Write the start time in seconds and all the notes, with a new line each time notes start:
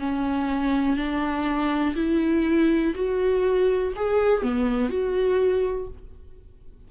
0.00 C#4
0.97 D4
1.96 E4
2.95 F#4
3.96 G#4
4.43 B3
4.89 F#4